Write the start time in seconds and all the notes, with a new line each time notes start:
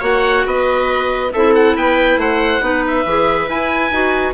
0.00 A#3 F#4 C#5 F#5
0.46 B3 B4 D#5
1.33 C4 E4 A4 E5
1.55 F#5
1.76 B3 B4 G5
2.17 A3 C5 F#5
2.61 B3 D#4 B4
2.87 E5
3.05 E3 G#4
3.48 E4 G#5
3.91 D#4 F#4